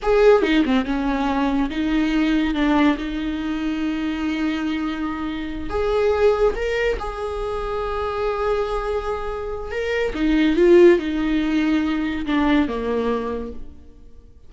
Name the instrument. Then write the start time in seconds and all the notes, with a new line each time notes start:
viola
0.02 G#4
0.42 D#4
0.65 C4
0.85 C#4
1.70 D#4
2.54 D4
2.97 D#4
5.69 G#4
6.55 A#4
6.99 G#4
9.71 A#4
10.14 D#4
10.56 F4
10.99 D#4
12.26 D4
12.68 A#3